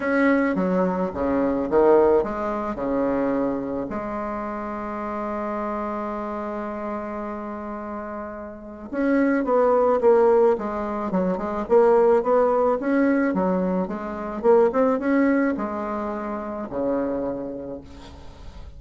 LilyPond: \new Staff \with { instrumentName = "bassoon" } { \time 4/4 \tempo 4 = 108 cis'4 fis4 cis4 dis4 | gis4 cis2 gis4~ | gis1~ | gis1 |
cis'4 b4 ais4 gis4 | fis8 gis8 ais4 b4 cis'4 | fis4 gis4 ais8 c'8 cis'4 | gis2 cis2 | }